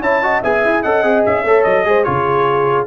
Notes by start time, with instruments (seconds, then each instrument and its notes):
0.00 tuba C#4, trombone E4, horn C#5, trumpet A5
0.22 trombone F#4, horn D#5
0.42 tuba B3, trombone G#4, horn E5, trumpet G#5
0.65 tuba E4
0.82 tuba C#4, trombone A4, horn D#5, trumpet F#5
1.03 tuba C4, trombone G#4
1.25 tuba C#4, trumpet E5
1.43 tuba A3, trombone A4, horn C#5
1.63 tuba F#3, trumpet D#5
1.85 tuba G#3, trombone G#4, horn C5
2.03 tuba C#3, trombone F4, horn G#4, trumpet C#5